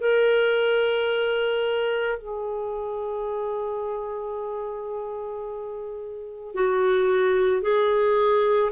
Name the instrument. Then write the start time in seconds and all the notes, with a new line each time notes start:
clarinet
0.00 A#4
2.18 G#4
6.54 F#4
7.62 G#4